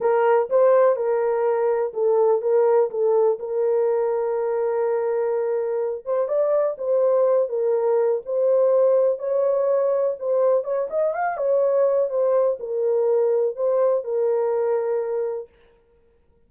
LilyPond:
\new Staff \with { instrumentName = "horn" } { \time 4/4 \tempo 4 = 124 ais'4 c''4 ais'2 | a'4 ais'4 a'4 ais'4~ | ais'1~ | ais'8 c''8 d''4 c''4. ais'8~ |
ais'4 c''2 cis''4~ | cis''4 c''4 cis''8 dis''8 f''8 cis''8~ | cis''4 c''4 ais'2 | c''4 ais'2. | }